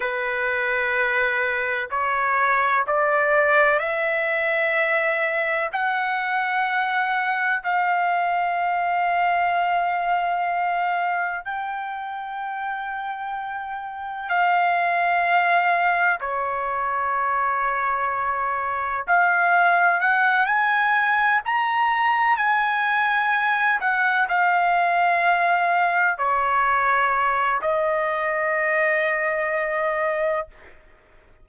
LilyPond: \new Staff \with { instrumentName = "trumpet" } { \time 4/4 \tempo 4 = 63 b'2 cis''4 d''4 | e''2 fis''2 | f''1 | g''2. f''4~ |
f''4 cis''2. | f''4 fis''8 gis''4 ais''4 gis''8~ | gis''4 fis''8 f''2 cis''8~ | cis''4 dis''2. | }